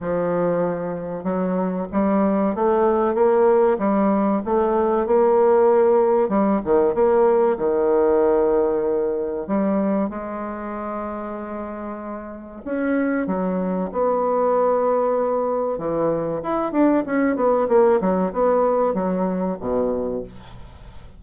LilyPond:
\new Staff \with { instrumentName = "bassoon" } { \time 4/4 \tempo 4 = 95 f2 fis4 g4 | a4 ais4 g4 a4 | ais2 g8 dis8 ais4 | dis2. g4 |
gis1 | cis'4 fis4 b2~ | b4 e4 e'8 d'8 cis'8 b8 | ais8 fis8 b4 fis4 b,4 | }